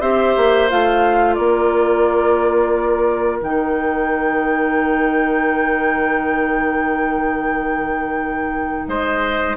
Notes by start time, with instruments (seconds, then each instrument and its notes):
0.00 bassoon C4, clarinet G4, oboe C5, flute E5
0.37 bassoon A#3
0.69 bassoon A3, clarinet F4, flute F5
1.34 bassoon A#3, oboe A#4, flute D5
3.41 bassoon D#3, clarinet D#4, flute G5
8.87 bassoon G#3, oboe C5, flute D#5